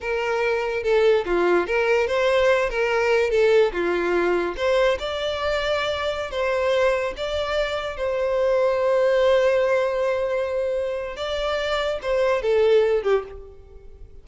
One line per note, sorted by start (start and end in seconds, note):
0.00 0.83 A#4
0.83 1.24 A4
1.25 1.67 F4
1.67 2.07 A#4
2.07 2.69 C5
2.69 3.30 A#4
3.30 3.71 A4
3.72 4.55 F4
4.56 4.97 C5
4.99 6.30 D5
6.30 7.13 C5
7.17 7.96 D5
7.96 11.16 C5
11.16 11.99 D5
12.02 12.42 C5
12.42 13.03 A4
13.03 13.23 G4